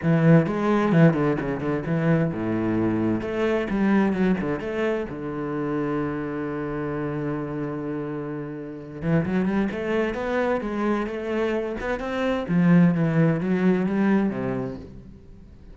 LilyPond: \new Staff \with { instrumentName = "cello" } { \time 4/4 \tempo 4 = 130 e4 gis4 e8 d8 cis8 d8 | e4 a,2 a4 | g4 fis8 d8 a4 d4~ | d1~ |
d2.~ d8 e8 | fis8 g8 a4 b4 gis4 | a4. b8 c'4 f4 | e4 fis4 g4 c4 | }